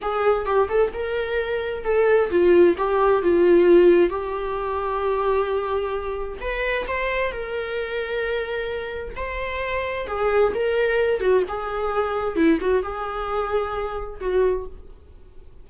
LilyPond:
\new Staff \with { instrumentName = "viola" } { \time 4/4 \tempo 4 = 131 gis'4 g'8 a'8 ais'2 | a'4 f'4 g'4 f'4~ | f'4 g'2.~ | g'2 b'4 c''4 |
ais'1 | c''2 gis'4 ais'4~ | ais'8 fis'8 gis'2 e'8 fis'8 | gis'2. fis'4 | }